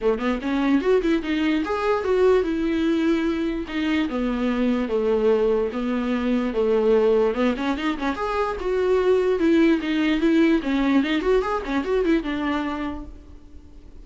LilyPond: \new Staff \with { instrumentName = "viola" } { \time 4/4 \tempo 4 = 147 a8 b8 cis'4 fis'8 e'8 dis'4 | gis'4 fis'4 e'2~ | e'4 dis'4 b2 | a2 b2 |
a2 b8 cis'8 dis'8 cis'8 | gis'4 fis'2 e'4 | dis'4 e'4 cis'4 dis'8 fis'8 | gis'8 cis'8 fis'8 e'8 d'2 | }